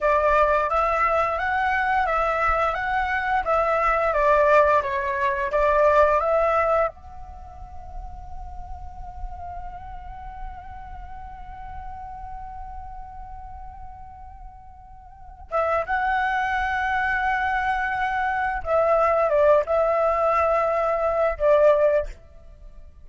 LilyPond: \new Staff \with { instrumentName = "flute" } { \time 4/4 \tempo 4 = 87 d''4 e''4 fis''4 e''4 | fis''4 e''4 d''4 cis''4 | d''4 e''4 fis''2~ | fis''1~ |
fis''1~ | fis''2~ fis''8 e''8 fis''4~ | fis''2. e''4 | d''8 e''2~ e''8 d''4 | }